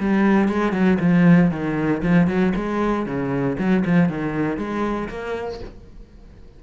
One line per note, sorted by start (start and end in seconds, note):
0.00 0.49 G3
0.49 0.73 G#3
0.73 0.98 F#3
1.00 1.51 F3
1.51 2.03 D#3
2.03 2.27 F3
2.27 2.53 F#3
2.56 3.06 G#3
3.06 3.58 C#3
3.59 3.84 F#3
3.85 4.09 F3
4.09 4.57 D#3
4.57 5.09 G#3
5.09 5.60 A#3